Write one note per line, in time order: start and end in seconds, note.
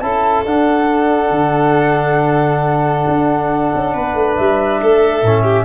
0.00 0.45 C#4
0.00 0.45 E4
0.00 3.94 A4
0.00 0.43 A5
0.45 1.31 D4
0.45 5.24 D4
0.45 4.36 F#5
1.31 3.04 D3
3.08 3.73 D4
3.75 3.95 C#4
3.94 4.15 B3
3.94 4.81 B4
4.15 4.37 A3
4.36 4.82 G3
4.36 5.64 E5
4.82 5.23 A3
4.82 5.44 A4
5.23 5.64 A2
5.23 5.64 C#4
5.44 5.64 G4